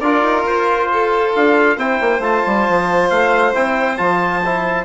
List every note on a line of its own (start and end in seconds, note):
0.00 0.22 D4
0.00 1.78 F4
0.00 0.88 A#4
0.00 0.44 D5
0.22 0.44 D#4
0.45 1.33 F4
0.45 1.35 C5
0.93 1.77 A4
1.36 1.77 D4
1.36 1.79 F5
1.77 1.99 C4
1.77 2.21 E4
1.77 4.85 C5
1.77 2.23 G5
2.01 2.20 A#3
2.20 2.42 A3
2.20 3.54 F4
2.20 3.10 A5
2.47 2.69 G3
2.69 3.10 F3
3.10 3.55 A3
3.10 3.54 F5
3.54 3.99 C4
3.54 3.98 E4
3.54 3.97 G5
3.97 4.85 F3
3.97 4.42 F4
3.97 4.85 A5
4.45 4.85 E4